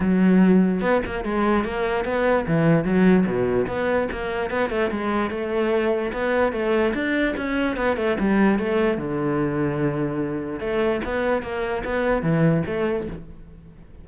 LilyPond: \new Staff \with { instrumentName = "cello" } { \time 4/4 \tempo 4 = 147 fis2 b8 ais8 gis4 | ais4 b4 e4 fis4 | b,4 b4 ais4 b8 a8 | gis4 a2 b4 |
a4 d'4 cis'4 b8 a8 | g4 a4 d2~ | d2 a4 b4 | ais4 b4 e4 a4 | }